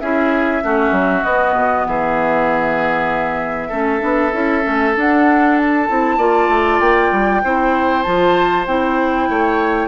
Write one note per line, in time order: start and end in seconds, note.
0.00 0.63 C#4
0.00 0.64 E4
0.00 0.64 G#4
0.00 1.24 E5
0.64 0.92 A3
0.64 1.25 C#4
0.64 1.88 F#4
0.92 1.23 F#3
1.24 1.55 B3
1.24 3.72 B3
1.24 1.86 D#5
1.55 1.86 B2
1.86 3.71 E3
1.86 3.69 G#4
1.86 4.97 E5
3.69 4.02 A3
3.69 4.00 C#4
3.69 6.16 A4
4.00 4.34 B3
4.00 4.31 D4
4.33 4.65 C#4
4.33 4.62 E4
4.62 4.97 A3
4.62 4.93 C#4
4.97 5.89 D4
4.97 5.58 F#5
5.58 6.81 A5
5.89 6.18 C4
5.89 6.19 E4
6.18 6.49 A#3
6.18 7.43 F4
6.18 7.42 D5
6.49 6.80 A3
6.81 7.11 A#3
6.81 8.03 G5
7.12 7.43 G3
7.44 8.06 C4
7.44 8.06 E4
7.44 9.30 C5
8.03 8.67 F3
8.03 8.67 F4
8.03 8.65 A5
8.67 9.29 C4
8.67 9.88 E4
8.67 9.88 G5
9.30 9.88 A3
9.30 9.88 C#5